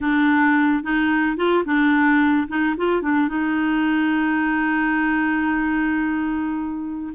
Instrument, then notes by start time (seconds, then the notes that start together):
clarinet
0.00 D4
0.83 D#4
1.36 F4
1.65 D4
2.47 D#4
2.77 F4
3.02 D4
3.28 D#4